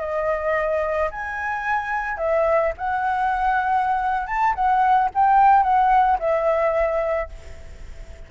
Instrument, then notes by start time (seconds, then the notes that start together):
flute
0.00 D#5
1.11 G#5
2.18 E5
2.77 F#5
4.27 A5
4.55 F#5
5.14 G5
5.63 F#5
6.19 E5